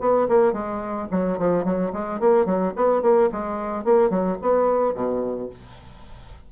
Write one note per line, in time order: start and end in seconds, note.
0.00 0.28 B3
0.28 0.53 A#3
0.53 1.08 G#3
1.11 1.38 F#3
1.38 1.64 F3
1.64 1.92 F#3
1.93 2.20 G#3
2.20 2.45 A#3
2.45 2.73 F#3
2.76 3.02 B3
3.02 3.30 A#3
3.32 3.84 G#3
3.84 4.10 A#3
4.10 4.37 F#3
4.42 4.94 B3
4.94 5.49 B2